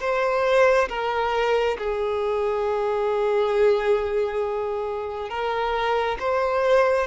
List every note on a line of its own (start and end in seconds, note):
0.00 0.88 C5
0.89 1.77 A#4
1.78 5.29 G#4
5.29 6.18 A#4
6.20 7.07 C5